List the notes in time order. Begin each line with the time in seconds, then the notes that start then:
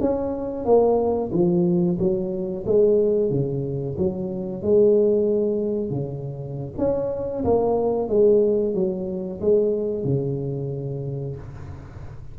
0.00 C#4
0.65 A#3
1.32 F3
1.99 F#3
2.66 G#3
3.30 C#3
3.97 F#3
4.62 G#3
5.90 C#3
6.77 C#4
7.44 A#3
8.08 G#3
8.74 F#3
9.40 G#3
10.04 C#3